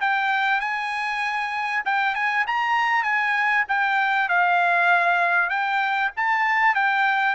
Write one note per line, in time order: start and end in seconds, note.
0.00 0.60 G5
0.60 1.82 G#5
1.85 2.14 G5
2.14 2.45 G#5
2.46 3.03 A#5
3.03 3.64 G#5
3.68 4.29 G5
4.29 5.49 F5
5.49 6.10 G5
6.16 6.75 A5
6.75 7.35 G5